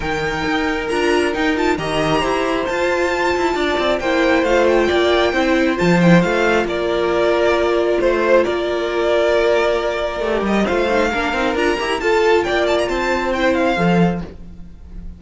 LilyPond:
<<
  \new Staff \with { instrumentName = "violin" } { \time 4/4 \tempo 4 = 135 g''2 ais''4 g''8 a''8 | ais''2 a''2~ | a''4 g''4 f''8 g''4.~ | g''4 a''8 g''8 f''4 d''4~ |
d''2 c''4 d''4~ | d''2.~ d''8 dis''8 | f''2 ais''4 a''4 | g''8 a''16 ais''16 a''4 g''8 f''4. | }
  \new Staff \with { instrumentName = "violin" } { \time 4/4 ais'1 | dis''4 c''2. | d''4 c''2 d''4 | c''2. ais'4~ |
ais'2 c''4 ais'4~ | ais'1 | c''4 ais'2 a'4 | d''4 c''2. | }
  \new Staff \with { instrumentName = "viola" } { \time 4/4 dis'2 f'4 dis'8 f'8 | g'2 f'2~ | f'4 e'4 f'2 | e'4 f'8 e'8 f'2~ |
f'1~ | f'2. g'4 | f'8 dis'8 d'8 dis'8 f'8 g'8 f'4~ | f'2 e'4 a'4 | }
  \new Staff \with { instrumentName = "cello" } { \time 4/4 dis4 dis'4 d'4 dis'4 | dis4 e'4 f'4. e'8 | d'8 c'8 ais4 a4 ais4 | c'4 f4 a4 ais4~ |
ais2 a4 ais4~ | ais2. a8 g8 | a4 ais8 c'8 d'8 e'8 f'4 | ais4 c'2 f4 | }
>>